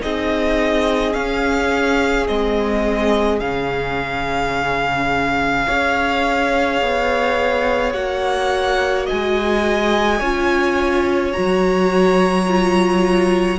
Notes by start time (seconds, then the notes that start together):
0.00 C4 D#4 G#4 D#5
1.12 C#4 F5
2.27 G#3 C4 D#5
3.39 C#3 C#4 F5
5.66 C#4 G#4 C#5
6.81 B3
7.93 A#3 F#4 F#5
9.06 G#3 D#5 G#5
10.18 C#4 F4 C#5
11.32 F#3 F#4 A#5
12.47 F4